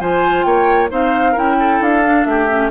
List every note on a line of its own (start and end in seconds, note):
0.00 0.45 F3
0.00 0.89 F4
0.00 0.46 C5
0.00 0.43 G#5
0.43 0.90 A#3
0.43 0.90 C#5
0.43 0.88 G5
0.89 1.37 C4
0.89 1.34 D#4
0.89 1.32 C5
0.89 1.38 F5
1.32 1.80 C#4
1.32 2.03 E4
1.32 1.55 A#4
1.38 1.83 G5
1.59 2.28 A4
1.80 2.26 D4
1.80 2.25 F5
2.04 2.49 D4
2.25 2.71 A3
2.25 2.71 G4
2.25 2.70 E5
2.49 2.71 C#4